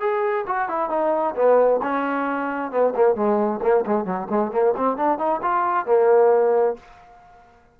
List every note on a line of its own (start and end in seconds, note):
0.00 0.45 G#4
0.47 0.68 F#4
0.68 0.90 E4
0.90 1.35 D#4
1.35 1.80 B3
1.82 2.71 C#4
2.71 2.94 B3
2.96 3.15 A#3
3.15 3.60 G#3
3.62 3.85 A#3
3.86 4.05 G#3
4.05 4.28 F#3
4.30 4.51 G#3
4.51 4.74 A#3
4.77 4.97 C4
4.97 5.18 D4
5.18 5.41 D#4
5.42 5.86 F4
5.86 6.76 A#3